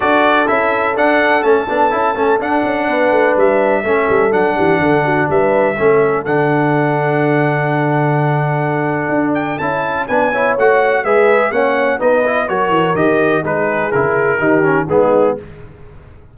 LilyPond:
<<
  \new Staff \with { instrumentName = "trumpet" } { \time 4/4 \tempo 4 = 125 d''4 e''4 fis''4 a''4~ | a''4 fis''2 e''4~ | e''4 fis''2 e''4~ | e''4 fis''2.~ |
fis''2.~ fis''8 g''8 | a''4 gis''4 fis''4 e''4 | fis''4 dis''4 cis''4 dis''4 | b'4 ais'2 gis'4 | }
  \new Staff \with { instrumentName = "horn" } { \time 4/4 a'1~ | a'2 b'2 | a'4. g'8 a'8 fis'8 b'4 | a'1~ |
a'1~ | a'4 b'8 cis''4. b'4 | cis''4 b'4 ais'2 | gis'2 g'4 dis'4 | }
  \new Staff \with { instrumentName = "trombone" } { \time 4/4 fis'4 e'4 d'4 cis'8 d'8 | e'8 cis'8 d'2. | cis'4 d'2. | cis'4 d'2.~ |
d'1 | e'4 d'8 e'8 fis'4 gis'4 | cis'4 dis'8 e'8 fis'4 g'4 | dis'4 e'4 dis'8 cis'8 b4 | }
  \new Staff \with { instrumentName = "tuba" } { \time 4/4 d'4 cis'4 d'4 a8 b8 | cis'8 a8 d'8 cis'8 b8 a8 g4 | a8 g8 fis8 e8 d4 g4 | a4 d2.~ |
d2. d'4 | cis'4 b4 a4 gis4 | ais4 b4 fis8 e8 dis4 | gis4 cis4 dis4 gis4 | }
>>